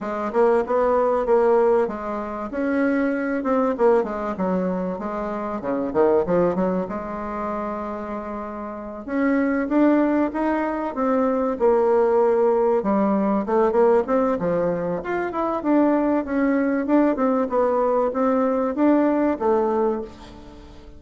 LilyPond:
\new Staff \with { instrumentName = "bassoon" } { \time 4/4 \tempo 4 = 96 gis8 ais8 b4 ais4 gis4 | cis'4. c'8 ais8 gis8 fis4 | gis4 cis8 dis8 f8 fis8 gis4~ | gis2~ gis8 cis'4 d'8~ |
d'8 dis'4 c'4 ais4.~ | ais8 g4 a8 ais8 c'8 f4 | f'8 e'8 d'4 cis'4 d'8 c'8 | b4 c'4 d'4 a4 | }